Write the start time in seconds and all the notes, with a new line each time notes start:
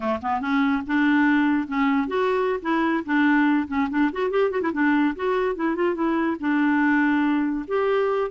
0.00 A3
0.21 B3
0.41 C#4
0.86 D4
1.67 C#4
2.07 F#4
2.61 E4
3.05 D4
3.67 C#4
3.90 D4
4.12 F#4
4.30 G4
4.50 F#4
4.61 E4
4.72 D4
5.15 F#4
5.55 E4
5.75 F4
5.95 E4
6.39 D4
7.67 G4